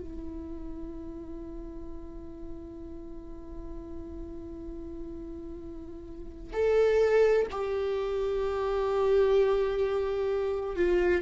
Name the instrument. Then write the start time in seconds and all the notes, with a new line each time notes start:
viola
0.00 E4
6.53 A4
7.51 G4
10.76 F4